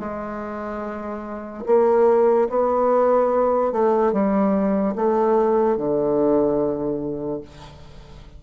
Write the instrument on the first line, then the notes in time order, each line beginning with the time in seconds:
bassoon
0.00 G#3
1.67 A#3
2.50 B3
3.73 A3
4.13 G3
4.96 A3
5.77 D3